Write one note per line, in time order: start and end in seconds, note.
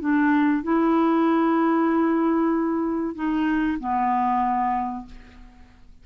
0.00 0.63 D4
0.63 3.15 E4
3.15 3.78 D#4
3.80 5.06 B3